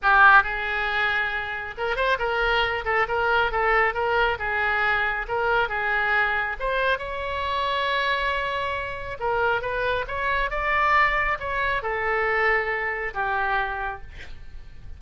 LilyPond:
\new Staff \with { instrumentName = "oboe" } { \time 4/4 \tempo 4 = 137 g'4 gis'2. | ais'8 c''8 ais'4. a'8 ais'4 | a'4 ais'4 gis'2 | ais'4 gis'2 c''4 |
cis''1~ | cis''4 ais'4 b'4 cis''4 | d''2 cis''4 a'4~ | a'2 g'2 | }